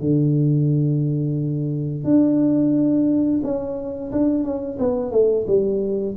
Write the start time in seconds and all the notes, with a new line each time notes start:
0.00 D3
2.05 D4
3.43 C#4
4.12 D4
4.44 C#4
4.79 B3
5.12 A3
5.48 G3